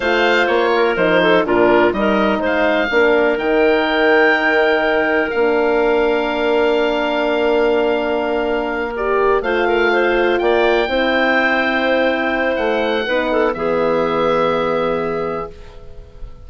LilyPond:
<<
  \new Staff \with { instrumentName = "oboe" } { \time 4/4 \tempo 4 = 124 f''4 cis''4 c''4 ais'4 | dis''4 f''2 g''4~ | g''2. f''4~ | f''1~ |
f''2~ f''8 d''4 f''8~ | f''4. g''2~ g''8~ | g''2 fis''2 | e''1 | }
  \new Staff \with { instrumentName = "clarinet" } { \time 4/4 c''4. ais'4 a'8 f'4 | ais'4 c''4 ais'2~ | ais'1~ | ais'1~ |
ais'2.~ ais'8 c''8 | ais'8 c''4 d''4 c''4.~ | c''2. b'8 a'8 | gis'1 | }
  \new Staff \with { instrumentName = "horn" } { \time 4/4 f'2 dis'4 d'4 | dis'2 d'4 dis'4~ | dis'2. d'4~ | d'1~ |
d'2~ d'8 g'4 f'8~ | f'2~ f'8 e'4.~ | e'2. dis'4 | b1 | }
  \new Staff \with { instrumentName = "bassoon" } { \time 4/4 a4 ais4 f4 ais,4 | g4 gis4 ais4 dis4~ | dis2. ais4~ | ais1~ |
ais2.~ ais8 a8~ | a4. ais4 c'4.~ | c'2 a4 b4 | e1 | }
>>